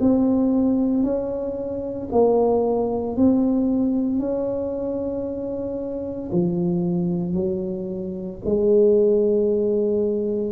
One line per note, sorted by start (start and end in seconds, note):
0.00 1.03 C4
1.03 2.09 C#4
2.12 3.17 A#3
3.17 4.20 C4
4.20 6.30 C#4
6.32 7.33 F3
7.33 8.39 F#3
8.45 10.52 G#3